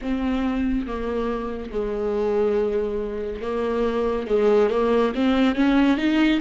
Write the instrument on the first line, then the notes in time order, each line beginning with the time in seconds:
viola
0.01 C4
0.86 A#3
1.71 G#3
3.41 A#3
4.27 G#3
4.69 A#3
5.14 C4
5.55 C#4
5.97 D#4